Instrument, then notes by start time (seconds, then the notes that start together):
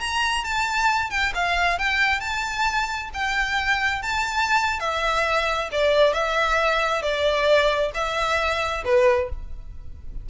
violin
0.00 A#5
0.44 A5
1.10 G5
1.34 F5
1.78 G5
2.20 A5
3.13 G5
4.02 A5
4.80 E5
5.72 D5
6.13 E5
7.02 D5
7.94 E5
8.84 B4